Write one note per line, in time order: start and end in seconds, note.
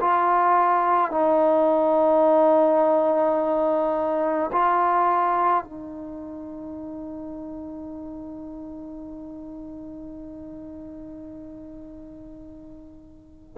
0.00 1.11 F4
1.11 4.50 D#4
4.52 5.63 F4
5.63 13.56 D#4